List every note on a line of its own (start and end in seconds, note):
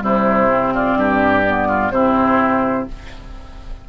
0.00 0.96 C3
0.00 0.48 G3
0.00 0.74 E4
0.00 0.75 C5
0.49 1.45 C4
0.74 0.98 F4
0.74 1.91 D5
0.96 1.91 G2
0.96 1.68 G4
1.46 1.93 B3
1.68 1.92 F4
1.91 2.87 C3
1.91 2.88 C4
1.91 2.89 E4
1.91 2.87 C5